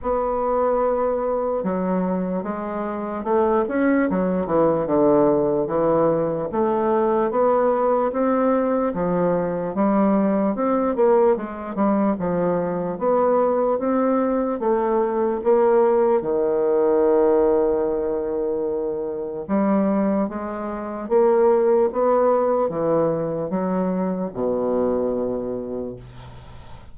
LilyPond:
\new Staff \with { instrumentName = "bassoon" } { \time 4/4 \tempo 4 = 74 b2 fis4 gis4 | a8 cis'8 fis8 e8 d4 e4 | a4 b4 c'4 f4 | g4 c'8 ais8 gis8 g8 f4 |
b4 c'4 a4 ais4 | dis1 | g4 gis4 ais4 b4 | e4 fis4 b,2 | }